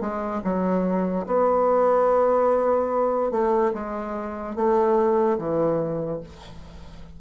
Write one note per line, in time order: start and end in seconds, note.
0.00 0.41 G#3
0.44 1.26 F#3
1.26 3.31 B3
3.31 3.72 A3
3.74 4.55 G#3
4.55 5.38 A3
5.38 6.20 E3